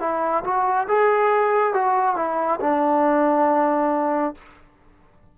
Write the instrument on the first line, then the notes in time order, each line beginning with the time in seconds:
trombone
0.00 E4
0.43 F#4
0.88 G#4
1.74 F#4
2.16 E4
2.60 D4